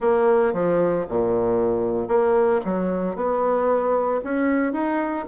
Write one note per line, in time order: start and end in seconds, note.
0.00 0.53 A#3
0.53 1.05 F3
1.09 2.07 A#2
2.07 2.60 A#3
2.64 3.15 F#3
3.15 4.21 B3
4.24 4.72 C#4
4.72 5.25 D#4